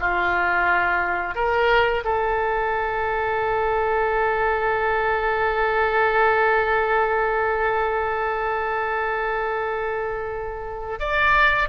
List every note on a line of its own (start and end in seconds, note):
0.00 1.35 F4
1.35 2.04 A#4
2.05 11.00 A4
11.00 11.69 D5